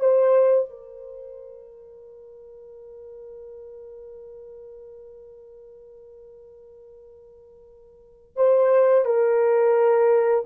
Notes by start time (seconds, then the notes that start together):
0.00 C5
0.70 A#4
8.37 C5
9.05 A#4